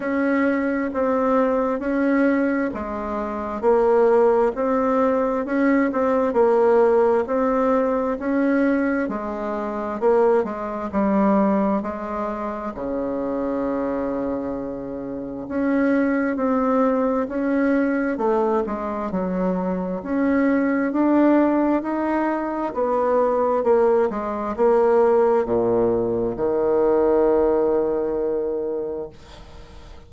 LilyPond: \new Staff \with { instrumentName = "bassoon" } { \time 4/4 \tempo 4 = 66 cis'4 c'4 cis'4 gis4 | ais4 c'4 cis'8 c'8 ais4 | c'4 cis'4 gis4 ais8 gis8 | g4 gis4 cis2~ |
cis4 cis'4 c'4 cis'4 | a8 gis8 fis4 cis'4 d'4 | dis'4 b4 ais8 gis8 ais4 | ais,4 dis2. | }